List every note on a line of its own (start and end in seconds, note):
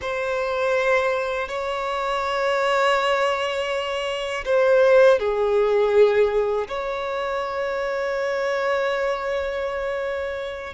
0.01 1.48 C5
1.48 4.44 C#5
4.45 5.19 C5
5.19 6.67 G#4
6.67 10.73 C#5